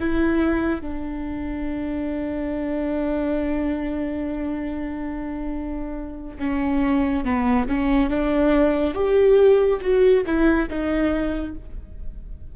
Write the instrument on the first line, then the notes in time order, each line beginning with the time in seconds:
viola
0.00 E4
0.81 D4
6.39 C#4
7.25 B3
7.68 C#4
8.10 D4
8.95 G4
9.81 F#4
10.26 E4
10.69 D#4